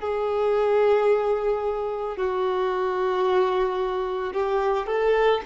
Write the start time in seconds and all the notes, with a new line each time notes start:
0.00 G#4
2.17 F#4
4.33 G4
4.86 A4